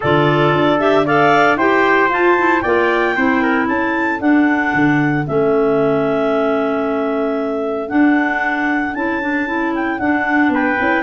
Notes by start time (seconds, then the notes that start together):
0.00 D3 F4 A4 D5
0.51 D4
0.79 G4 E5
1.05 A4 D5 F5
1.56 E4 G4 C5 G5
2.09 F4 A5
2.37 E4
2.60 A#3 F4 D5 G5
3.16 C4 E4 C5
3.42 A#4
3.66 C#4 A4 A5
4.19 D4 F#5
4.73 D3
5.26 A3 C#4 E5
7.88 D4 F#5
8.94 C#4 E4 A5
9.21 D4
9.46 E4
9.74 G5
9.98 D4 F#5
10.49 B3 B4 G5
10.77 C#4 E4